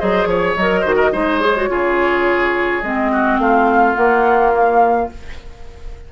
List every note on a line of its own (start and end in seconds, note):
0.00 0.26 F#3
0.00 0.57 G#4
0.00 0.29 C5
0.00 0.25 D#5
0.25 0.55 F3
0.25 0.54 C#5
0.25 0.81 C#5
0.57 0.85 F#3
0.57 0.85 A#4
0.57 1.41 D#5
0.81 1.14 D#3
0.81 1.13 F#4
0.81 0.95 C5
0.96 1.10 A#4
1.13 1.70 G#3
1.13 1.41 D#4
1.13 1.70 C5
1.41 1.56 G#4
1.41 2.82 C#5
1.56 1.69 F#4
1.69 2.83 C#3
1.69 2.83 F4
1.69 3.12 G#4
2.82 3.39 G#3
2.82 3.97 C4
2.82 3.39 D#5
3.12 3.40 F#4
3.39 3.95 A3
3.39 5.13 F4
3.39 3.96 F5
3.96 5.10 A#3
3.96 4.53 F#5
4.53 5.10 F5